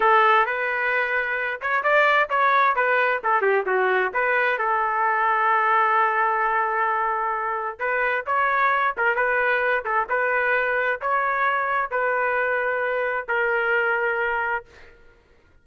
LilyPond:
\new Staff \with { instrumentName = "trumpet" } { \time 4/4 \tempo 4 = 131 a'4 b'2~ b'8 cis''8 | d''4 cis''4 b'4 a'8 g'8 | fis'4 b'4 a'2~ | a'1~ |
a'4 b'4 cis''4. ais'8 | b'4. a'8 b'2 | cis''2 b'2~ | b'4 ais'2. | }